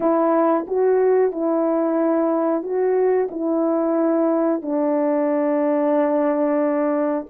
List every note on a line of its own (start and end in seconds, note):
0.00 0.66 E4
0.67 1.32 F#4
1.32 2.62 E4
2.62 3.28 F#4
3.30 4.62 E4
4.62 7.25 D4